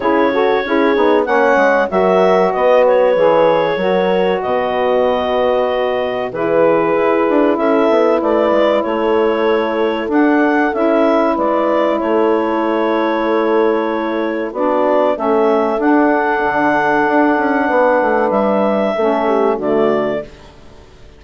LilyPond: <<
  \new Staff \with { instrumentName = "clarinet" } { \time 4/4 \tempo 4 = 95 cis''2 fis''4 e''4 | dis''8 cis''2~ cis''8 dis''4~ | dis''2 b'2 | e''4 d''4 cis''2 |
fis''4 e''4 d''4 cis''4~ | cis''2. d''4 | e''4 fis''2.~ | fis''4 e''2 d''4 | }
  \new Staff \with { instrumentName = "horn" } { \time 4/4 gis'8 a'8 gis'4 cis''4 ais'4 | b'2 ais'4 b'4~ | b'2 gis'2 | a'4 b'4 a'2~ |
a'2 b'4 a'4~ | a'2. fis'4 | a'1 | b'2 a'8 g'8 fis'4 | }
  \new Staff \with { instrumentName = "saxophone" } { \time 4/4 e'8 fis'8 e'8 dis'8 cis'4 fis'4~ | fis'4 gis'4 fis'2~ | fis'2 e'2~ | e'1 |
d'4 e'2.~ | e'2. d'4 | cis'4 d'2.~ | d'2 cis'4 a4 | }
  \new Staff \with { instrumentName = "bassoon" } { \time 4/4 cis4 cis'8 b8 ais8 gis8 fis4 | b4 e4 fis4 b,4~ | b,2 e4 e'8 d'8 | cis'8 b8 a8 gis8 a2 |
d'4 cis'4 gis4 a4~ | a2. b4 | a4 d'4 d4 d'8 cis'8 | b8 a8 g4 a4 d4 | }
>>